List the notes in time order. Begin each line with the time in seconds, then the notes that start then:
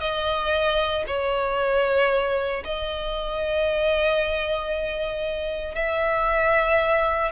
0.00 D#5
1.07 C#5
2.64 D#5
5.75 E5